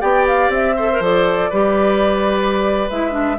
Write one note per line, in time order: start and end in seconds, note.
0.00 0.49 B3
0.00 0.75 G4
0.00 0.76 D5
0.00 0.26 G5
0.27 0.52 F5
0.49 0.99 C4
0.49 1.03 E5
0.76 0.91 A4
0.76 1.50 C5
0.92 1.02 A#4
0.99 1.49 F3
0.99 1.52 A4
0.99 2.90 D5
1.50 2.89 G3
1.50 2.90 G4
1.50 3.37 B4
2.90 3.39 G#3
2.90 3.11 E4
2.90 3.39 E5
3.11 3.36 D4